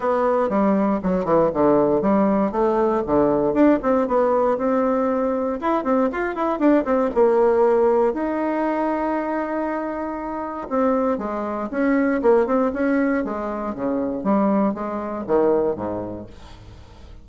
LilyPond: \new Staff \with { instrumentName = "bassoon" } { \time 4/4 \tempo 4 = 118 b4 g4 fis8 e8 d4 | g4 a4 d4 d'8 c'8 | b4 c'2 e'8 c'8 | f'8 e'8 d'8 c'8 ais2 |
dis'1~ | dis'4 c'4 gis4 cis'4 | ais8 c'8 cis'4 gis4 cis4 | g4 gis4 dis4 gis,4 | }